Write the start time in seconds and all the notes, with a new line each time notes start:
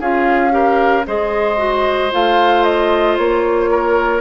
0.00 C#4 F4 G#4 F5
0.51 G4 A#4
1.07 G#3 G#4 C5 D#5
1.57 F#4
2.12 A3 F4 F5
2.64 D#5
3.18 A#3 C#5
3.71 A#4